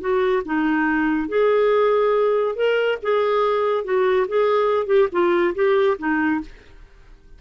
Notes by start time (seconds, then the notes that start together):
0.00 F#4
0.45 D#4
1.28 G#4
2.55 A#4
3.02 G#4
3.84 F#4
4.28 G#4
4.86 G4
5.12 F4
5.55 G4
5.98 D#4